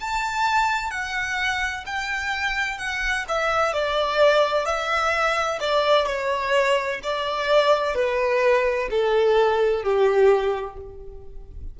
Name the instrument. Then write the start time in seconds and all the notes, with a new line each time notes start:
violin
0.00 A5
0.90 F#5
1.85 G5
2.78 F#5
3.28 E5
3.73 D5
4.65 E5
5.60 D5
6.06 C#5
7.03 D5
7.95 B4
8.90 A4
9.83 G4